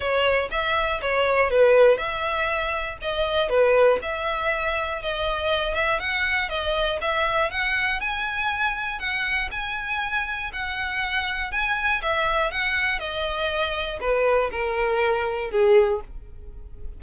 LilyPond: \new Staff \with { instrumentName = "violin" } { \time 4/4 \tempo 4 = 120 cis''4 e''4 cis''4 b'4 | e''2 dis''4 b'4 | e''2 dis''4. e''8 | fis''4 dis''4 e''4 fis''4 |
gis''2 fis''4 gis''4~ | gis''4 fis''2 gis''4 | e''4 fis''4 dis''2 | b'4 ais'2 gis'4 | }